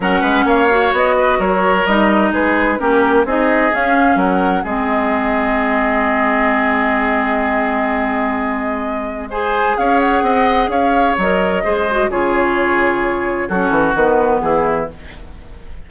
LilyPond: <<
  \new Staff \with { instrumentName = "flute" } { \time 4/4 \tempo 4 = 129 fis''4 f''4 dis''4 cis''4 | dis''4 b'4 ais'4 dis''4 | f''4 fis''4 dis''2~ | dis''1~ |
dis''1 | gis''4 f''8 fis''4. f''4 | dis''2 cis''2~ | cis''4 a'4 b'4 gis'4 | }
  \new Staff \with { instrumentName = "oboe" } { \time 4/4 ais'8 b'8 cis''4. b'8 ais'4~ | ais'4 gis'4 g'4 gis'4~ | gis'4 ais'4 gis'2~ | gis'1~ |
gis'1 | c''4 cis''4 dis''4 cis''4~ | cis''4 c''4 gis'2~ | gis'4 fis'2 e'4 | }
  \new Staff \with { instrumentName = "clarinet" } { \time 4/4 cis'4. fis'2~ fis'8 | dis'2 cis'4 dis'4 | cis'2 c'2~ | c'1~ |
c'1 | gis'1 | ais'4 gis'8 fis'8 f'2~ | f'4 cis'4 b2 | }
  \new Staff \with { instrumentName = "bassoon" } { \time 4/4 fis8 gis8 ais4 b4 fis4 | g4 gis4 ais4 c'4 | cis'4 fis4 gis2~ | gis1~ |
gis1~ | gis4 cis'4 c'4 cis'4 | fis4 gis4 cis2~ | cis4 fis8 e8 dis4 e4 | }
>>